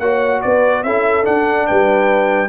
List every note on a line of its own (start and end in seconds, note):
0.00 0.42 A#3
0.00 0.86 F#4
0.00 0.43 C#5
0.00 0.42 F#5
0.42 0.84 B3
0.42 0.86 B4
0.42 0.84 D5
0.84 1.26 C#4
0.84 1.23 E4
0.84 1.68 A4
0.84 1.25 E5
1.23 2.48 D4
1.23 1.69 D4
1.23 1.67 F#5
1.67 2.49 G3
1.67 2.49 B4
1.67 2.49 G5